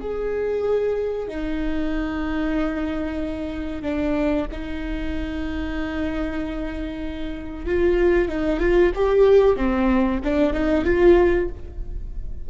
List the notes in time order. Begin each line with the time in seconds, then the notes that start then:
0.00 G#4
1.27 D#4
3.82 D4
4.51 D#4
7.65 F4
8.28 D#4
8.60 F4
8.95 G4
9.56 C4
10.24 D4
10.53 D#4
10.85 F4